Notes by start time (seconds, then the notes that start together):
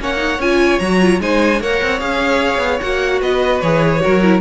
0.00 A#3 C#4 C#5 F#5
0.17 D#4
0.39 C#4 F4 G#5
0.80 F#3 F#4 A#5
1.01 F4
1.20 G#3 D#4 C5 G#5
1.60 A#3 A#4 C#5 F#5
1.82 C4
1.99 C#4 G#4 F5
2.58 B3
2.81 A#3 F#4 F#5
3.21 B3 B4 D#5
3.61 E3 G#4 C#5
4.01 F#3 F#4 A#4
4.23 E4